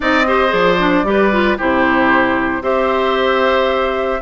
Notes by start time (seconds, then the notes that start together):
0.00 C4 D#4 D5 D#5
0.26 G4 C5
0.48 F3 G#4 D5
0.79 D4
1.03 G3 G4
1.09 B4
1.31 F4
1.57 C3 E4 G4 C5
2.61 C4 G4 C5 E5